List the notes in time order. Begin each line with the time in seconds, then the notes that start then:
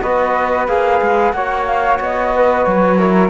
0.00 B3 F#4 B4 D#5
0.67 A#3 G#4 F5
1.01 G#3
1.31 A#3 F#4 C#5 F#5
1.65 F5
2.00 B3 D#5
2.35 B4
2.64 F#3 C#5
2.98 E4 A#4